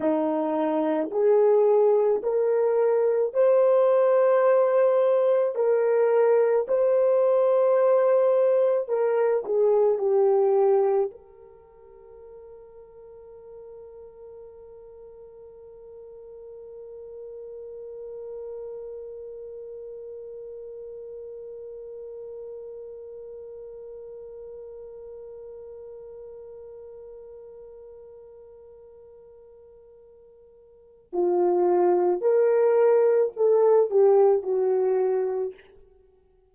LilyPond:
\new Staff \with { instrumentName = "horn" } { \time 4/4 \tempo 4 = 54 dis'4 gis'4 ais'4 c''4~ | c''4 ais'4 c''2 | ais'8 gis'8 g'4 ais'2~ | ais'1~ |
ais'1~ | ais'1~ | ais'1 | f'4 ais'4 a'8 g'8 fis'4 | }